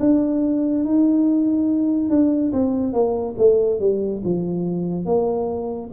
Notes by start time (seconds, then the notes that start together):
0.00 D4
0.85 D#4
2.10 D4
2.52 C4
2.93 A#3
3.38 A3
3.80 G3
4.24 F3
5.06 A#3